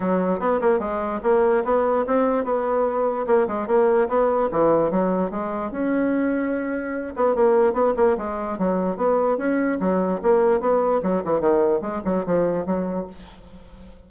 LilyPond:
\new Staff \with { instrumentName = "bassoon" } { \time 4/4 \tempo 4 = 147 fis4 b8 ais8 gis4 ais4 | b4 c'4 b2 | ais8 gis8 ais4 b4 e4 | fis4 gis4 cis'2~ |
cis'4. b8 ais4 b8 ais8 | gis4 fis4 b4 cis'4 | fis4 ais4 b4 fis8 e8 | dis4 gis8 fis8 f4 fis4 | }